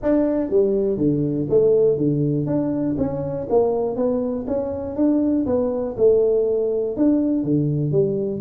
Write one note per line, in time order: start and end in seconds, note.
0.02 0.50 D4
0.50 0.97 G3
0.97 1.47 D3
1.49 1.97 A3
1.97 2.46 D3
2.46 2.95 D4
2.98 3.47 C#4
3.49 3.96 A#3
3.96 4.45 B3
4.47 4.96 C#4
4.96 5.45 D4
5.45 5.95 B3
5.97 6.96 A3
6.96 7.43 D4
7.43 7.91 D3
7.91 8.40 G3